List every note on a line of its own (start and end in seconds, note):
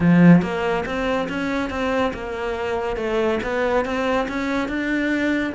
0.00 0.41 F3
0.41 0.84 A#3
0.85 1.28 C4
1.28 1.70 C#4
1.70 2.12 C4
2.13 2.96 A#3
2.96 3.39 A3
3.43 3.85 B3
3.85 4.27 C4
4.28 4.68 C#4
4.68 5.53 D4